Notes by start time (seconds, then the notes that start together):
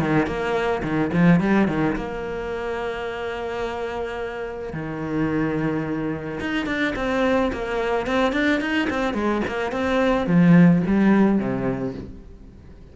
0.00 D#3
0.27 A#3
0.83 D#3
1.13 F3
1.40 G3
1.68 D#3
1.96 A#3
4.73 D#3
6.40 D#4
6.66 D4
6.96 C4
7.53 A#3
8.07 C4
8.33 D4
8.61 D#4
8.90 C4
9.14 G#3
9.47 A#3
9.72 C4
10.27 F3
10.87 G3
11.39 C3